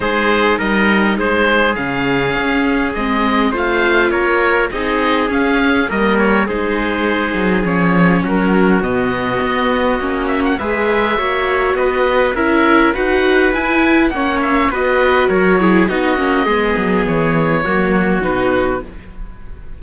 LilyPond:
<<
  \new Staff \with { instrumentName = "oboe" } { \time 4/4 \tempo 4 = 102 c''4 dis''4 c''4 f''4~ | f''4 dis''4 f''4 cis''4 | dis''4 f''4 dis''8 cis''8 c''4~ | c''4 cis''4 ais'4 dis''4~ |
dis''4. e''16 fis''16 e''2 | dis''4 e''4 fis''4 gis''4 | fis''8 e''8 dis''4 cis''4 dis''4~ | dis''4 cis''2 b'4 | }
  \new Staff \with { instrumentName = "trumpet" } { \time 4/4 gis'4 ais'4 gis'2~ | gis'2 c''4 ais'4 | gis'2 ais'4 gis'4~ | gis'2 fis'2~ |
fis'2 b'4 cis''4 | b'4 ais'4 b'2 | cis''4 b'4 ais'8 gis'8 fis'4 | gis'2 fis'2 | }
  \new Staff \with { instrumentName = "viola" } { \time 4/4 dis'2. cis'4~ | cis'4 c'4 f'2 | dis'4 cis'4 ais4 dis'4~ | dis'4 cis'2 b4~ |
b4 cis'4 gis'4 fis'4~ | fis'4 e'4 fis'4 e'4 | cis'4 fis'4. e'8 dis'8 cis'8 | b2 ais4 dis'4 | }
  \new Staff \with { instrumentName = "cello" } { \time 4/4 gis4 g4 gis4 cis4 | cis'4 gis4 a4 ais4 | c'4 cis'4 g4 gis4~ | gis8 fis8 f4 fis4 b,4 |
b4 ais4 gis4 ais4 | b4 cis'4 dis'4 e'4 | ais4 b4 fis4 b8 ais8 | gis8 fis8 e4 fis4 b,4 | }
>>